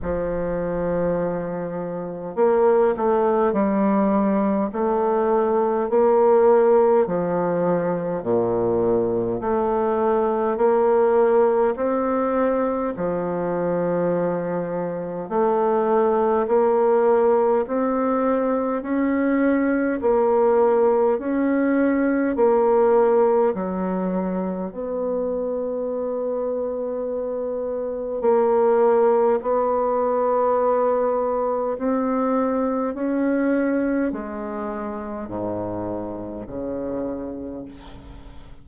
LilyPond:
\new Staff \with { instrumentName = "bassoon" } { \time 4/4 \tempo 4 = 51 f2 ais8 a8 g4 | a4 ais4 f4 ais,4 | a4 ais4 c'4 f4~ | f4 a4 ais4 c'4 |
cis'4 ais4 cis'4 ais4 | fis4 b2. | ais4 b2 c'4 | cis'4 gis4 gis,4 cis4 | }